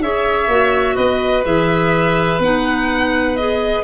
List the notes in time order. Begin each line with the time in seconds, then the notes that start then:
0.00 C#4 G#4 C#5 E5
0.48 A#3 F#4
0.95 B3 B4 D#5
1.43 E3 G#4 E5
2.38 B3 D#4 F#5
3.36 G#4 D#5